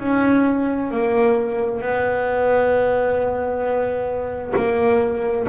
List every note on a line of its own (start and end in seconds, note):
0.00 0.91 C#4
0.91 1.81 A#3
1.81 4.54 B3
4.56 5.47 A#3